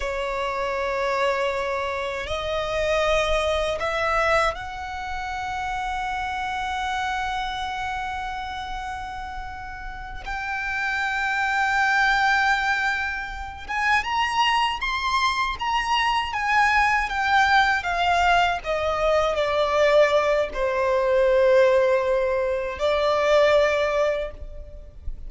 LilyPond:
\new Staff \with { instrumentName = "violin" } { \time 4/4 \tempo 4 = 79 cis''2. dis''4~ | dis''4 e''4 fis''2~ | fis''1~ | fis''4. g''2~ g''8~ |
g''2 gis''8 ais''4 c'''8~ | c'''8 ais''4 gis''4 g''4 f''8~ | f''8 dis''4 d''4. c''4~ | c''2 d''2 | }